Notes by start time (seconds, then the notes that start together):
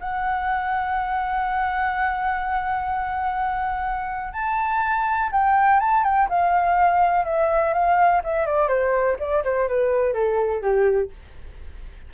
0.00 F#5
4.33 A5
5.31 G5
5.80 A5
6.04 G5
6.29 F5
7.25 E5
7.73 F5
8.24 E5
8.46 D5
8.68 C5
9.19 D5
9.44 C5
9.68 B4
10.13 A4
10.62 G4